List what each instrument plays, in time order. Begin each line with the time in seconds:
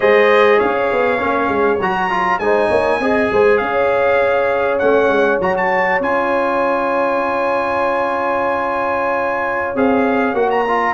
0.00 tuba G#3, trombone G#4, horn C5, trumpet D#5
0.58 tuba C#4, horn C#5, trumpet F5
0.92 tuba B3
1.18 tuba A#3, trombone C#4
1.48 tuba G#3
1.80 tuba F#3, trombone F#4, trumpet A#5
2.10 trombone F4
2.39 tuba G#3, trombone D#4, horn C5, trumpet G#5
2.69 tuba A#3, horn C#5
2.99 tuba C4, trombone G#4, horn D#5
3.32 tuba G#3, horn C5
3.57 tuba C#4, horn C#5, trumpet F5
4.78 tuba A3, trombone C#4, trumpet F#5
5.08 tuba G#3
5.40 tuba F#3, trombone F#4, trumpet A#5
5.56 trumpet A5
6.00 tuba C#4, trombone F4, trumpet G#5
9.75 tuba C4, trombone G#4, trumpet F5
10.33 tuba A#3, trombone F#4, trumpet F#5
10.50 trumpet A#5
10.67 trombone F4